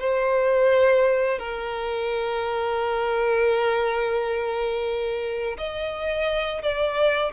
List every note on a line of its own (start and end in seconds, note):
0.00 1.39 C5
1.39 5.58 A#4
5.58 6.62 D#5
6.63 7.33 D5